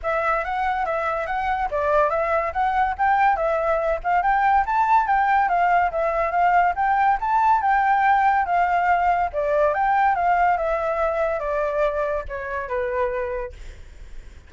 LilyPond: \new Staff \with { instrumentName = "flute" } { \time 4/4 \tempo 4 = 142 e''4 fis''4 e''4 fis''4 | d''4 e''4 fis''4 g''4 | e''4. f''8 g''4 a''4 | g''4 f''4 e''4 f''4 |
g''4 a''4 g''2 | f''2 d''4 g''4 | f''4 e''2 d''4~ | d''4 cis''4 b'2 | }